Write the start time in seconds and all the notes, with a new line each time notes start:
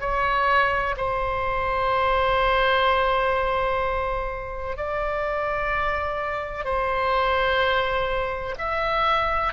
0.00 C#5
0.97 C5
4.77 D5
6.65 C5
8.58 E5